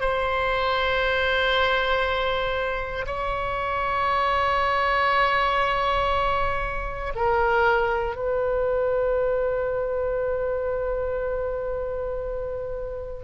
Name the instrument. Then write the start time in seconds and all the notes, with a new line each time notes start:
oboe
0.00 C5
3.06 C#5
7.15 A#4
8.15 B4